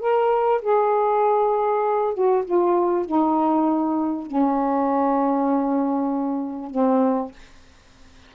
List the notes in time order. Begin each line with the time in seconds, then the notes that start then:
0.00 A#4
0.62 G#4
2.14 F#4
2.45 F4
3.06 D#4
4.27 C#4
6.71 C4